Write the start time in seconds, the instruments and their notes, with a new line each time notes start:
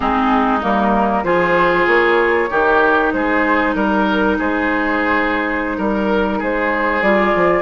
0.00 bassoon G#3, clarinet C4, oboe D#4, flute G#4
0.61 bassoon G3, clarinet A#3, flute A#4
1.23 bassoon F3, clarinet F4, oboe G#4, flute C5
1.87 bassoon A#3, flute C#5
2.50 bassoon D#3, clarinet D#4, oboe G4
3.12 bassoon G#3, oboe G#4, flute C5
3.74 bassoon G3, oboe A#4, flute A#4
4.38 bassoon G#3, oboe G#4, flute C5
5.77 bassoon G3, oboe A#4, flute A#4
6.38 bassoon G#3, oboe G#4, flute C5
7.01 bassoon G3, clarinet F4, flute D5
7.35 bassoon F3